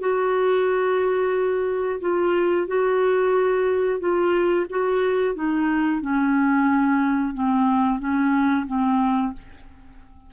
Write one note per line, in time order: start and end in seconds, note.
0.00 2.00 F#4
2.01 2.67 F4
2.68 4.00 F#4
4.00 4.66 F4
4.70 5.35 F#4
5.35 6.01 D#4
6.01 7.34 C#4
7.34 7.99 C4
7.99 8.66 C#4
8.67 9.33 C4